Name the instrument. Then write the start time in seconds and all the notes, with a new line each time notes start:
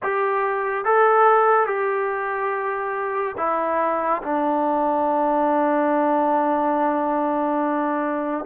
trombone
0.02 G4
0.85 A4
1.66 G4
3.37 E4
4.23 D4